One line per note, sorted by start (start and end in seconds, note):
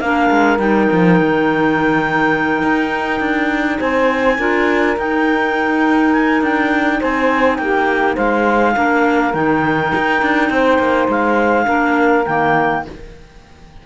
0.00 0.30 A#3
0.00 0.59 D4
0.00 3.80 A#4
0.00 0.58 F5
0.31 0.59 G#3
0.59 0.88 G3
0.59 4.37 D#4
0.59 3.80 G5
0.92 1.20 F3
1.20 2.62 D#3
2.62 3.21 D#4
3.21 3.79 D4
3.80 4.39 C4
3.80 4.38 C5
3.80 4.97 G#5
4.38 4.97 D4
4.38 4.97 F4
4.38 7.00 A#4
4.97 8.75 D#4
4.97 6.42 D#4
4.97 6.13 G5
6.13 6.42 G#5
6.42 7.00 D4
6.42 7.01 G5
7.00 7.59 C4
7.00 7.58 C5
7.00 7.57 G#5
7.57 8.17 A#3
7.57 8.15 G4
7.57 8.15 G5
8.15 8.76 G#3
8.15 8.73 C5
8.15 9.34 F5
8.75 9.34 A#3
8.75 9.33 D4
8.75 10.51 A#4
9.34 9.92 D#3
9.34 11.66 D#4
9.34 11.08 G5
9.95 10.22 D#4
10.22 10.50 D4
10.50 10.79 C4
10.50 11.66 C5
10.79 11.08 A#3
11.09 11.67 G#3
11.09 12.26 F5
11.66 12.26 A#3
11.66 12.24 D4
11.66 12.82 A#4
12.26 12.86 D#3
12.26 12.85 A#3
12.26 12.84 G5